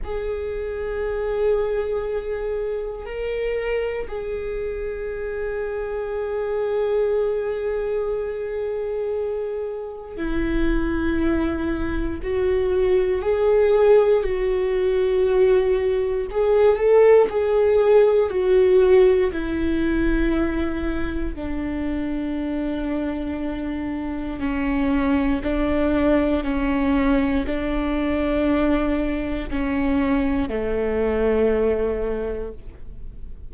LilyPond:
\new Staff \with { instrumentName = "viola" } { \time 4/4 \tempo 4 = 59 gis'2. ais'4 | gis'1~ | gis'2 e'2 | fis'4 gis'4 fis'2 |
gis'8 a'8 gis'4 fis'4 e'4~ | e'4 d'2. | cis'4 d'4 cis'4 d'4~ | d'4 cis'4 a2 | }